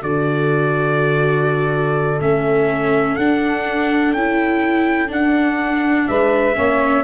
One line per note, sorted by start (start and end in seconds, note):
0.00 2.19 D3
0.00 2.19 F#4
0.00 6.05 A4
0.00 2.20 D5
2.20 3.17 A3
2.20 3.18 C#4
2.20 3.15 E5
3.15 4.12 D4
3.15 4.16 D4
3.15 4.12 F#5
4.12 5.09 C#4
4.12 5.07 E4
4.12 5.09 G5
5.07 6.52 D4
5.07 6.06 D4
5.07 6.07 F#5
6.07 6.56 G#3
6.07 6.55 B4
6.07 7.04 E5
6.55 7.04 A#3
6.55 7.03 C#4
6.55 7.04 C#5